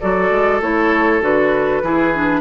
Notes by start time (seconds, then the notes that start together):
0.00 F#3 F#4 A4 D5
0.30 G#3
0.61 A3 E4 C#5
1.21 D3 F#4 B4
1.82 E3 E4 G#4
2.13 D4